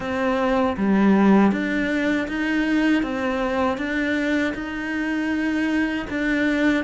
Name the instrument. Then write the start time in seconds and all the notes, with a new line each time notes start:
cello
0.00 C4
0.77 G3
1.51 D4
2.28 D#4
3.02 C4
3.77 D4
4.54 D#4
6.10 D4